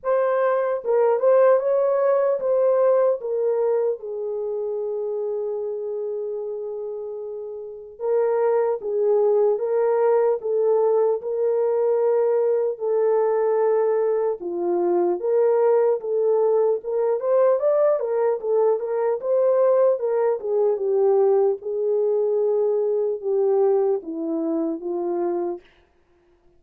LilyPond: \new Staff \with { instrumentName = "horn" } { \time 4/4 \tempo 4 = 75 c''4 ais'8 c''8 cis''4 c''4 | ais'4 gis'2.~ | gis'2 ais'4 gis'4 | ais'4 a'4 ais'2 |
a'2 f'4 ais'4 | a'4 ais'8 c''8 d''8 ais'8 a'8 ais'8 | c''4 ais'8 gis'8 g'4 gis'4~ | gis'4 g'4 e'4 f'4 | }